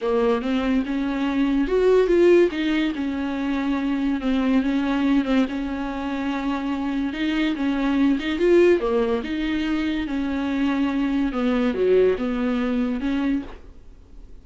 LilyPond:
\new Staff \with { instrumentName = "viola" } { \time 4/4 \tempo 4 = 143 ais4 c'4 cis'2 | fis'4 f'4 dis'4 cis'4~ | cis'2 c'4 cis'4~ | cis'8 c'8 cis'2.~ |
cis'4 dis'4 cis'4. dis'8 | f'4 ais4 dis'2 | cis'2. b4 | fis4 b2 cis'4 | }